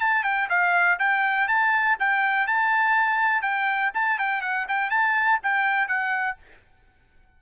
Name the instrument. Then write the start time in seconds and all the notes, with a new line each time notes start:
trumpet
0.00 A5
0.24 G5
0.50 F5
0.99 G5
1.48 A5
2.00 G5
2.47 A5
3.42 G5
3.95 A5
4.19 G5
4.42 F#5
4.69 G5
4.91 A5
5.43 G5
5.88 F#5